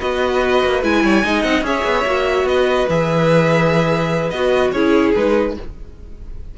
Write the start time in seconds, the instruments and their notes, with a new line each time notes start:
0.00 cello B3, viola F#4, violin B4 D#5
0.64 cello A#3
0.83 cello G#3, viola E4, violin G#5
1.03 cello G3, violin C#5
1.24 cello G#3, viola D#4, violin D#5
1.42 cello C4, violin F#5
1.62 cello C#4, viola G#4, violin C#5 E5
1.84 cello B3
2.05 cello A#3, viola F#4
2.44 cello B3, violin B4 D#5
2.89 cello E3, viola G#4, violin E5
4.30 cello B3, viola F#4, violin D#5
4.71 cello C#4, viola E4, violin G#4 C#5
5.15 cello G#3, viola D#4, violin B4